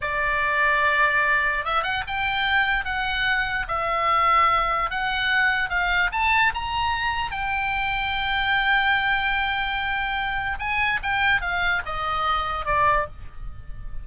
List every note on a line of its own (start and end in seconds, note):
0.01 1.64 D5
1.64 1.83 E5
1.83 2.03 F#5
2.07 2.84 G5
2.84 3.66 F#5
3.68 4.90 E5
4.90 5.69 F#5
5.69 6.10 F5
6.12 6.53 A5
6.54 7.31 A#5
7.31 10.58 G5
10.59 10.99 G#5
11.02 11.41 G5
11.41 11.82 F5
11.85 12.65 D#5
12.65 13.06 D5